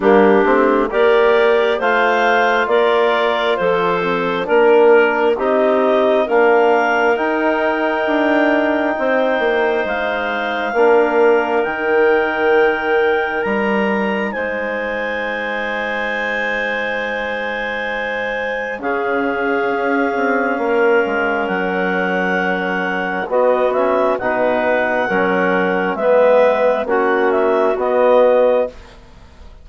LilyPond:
<<
  \new Staff \with { instrumentName = "clarinet" } { \time 4/4 \tempo 4 = 67 g'4 d''4 f''4 d''4 | c''4 ais'4 dis''4 f''4 | g''2. f''4~ | f''4 g''2 ais''4 |
gis''1~ | gis''4 f''2. | fis''2 dis''8 e''8 fis''4~ | fis''4 e''4 fis''8 e''8 dis''4 | }
  \new Staff \with { instrumentName = "clarinet" } { \time 4/4 d'4 ais'4 c''4 ais'4 | a'4 ais'4 g'4 ais'4~ | ais'2 c''2 | ais'1 |
c''1~ | c''4 gis'2 ais'4~ | ais'2 fis'4 b'4 | ais'4 b'4 fis'2 | }
  \new Staff \with { instrumentName = "trombone" } { \time 4/4 ais8 c'8 g'4 f'2~ | f'8 c'8 d'4 dis'4 d'4 | dis'1 | d'4 dis'2.~ |
dis'1~ | dis'4 cis'2.~ | cis'2 b8 cis'8 dis'4 | cis'4 b4 cis'4 b4 | }
  \new Staff \with { instrumentName = "bassoon" } { \time 4/4 g8 a8 ais4 a4 ais4 | f4 ais4 c'4 ais4 | dis'4 d'4 c'8 ais8 gis4 | ais4 dis2 g4 |
gis1~ | gis4 cis4 cis'8 c'8 ais8 gis8 | fis2 b4 b,4 | fis4 gis4 ais4 b4 | }
>>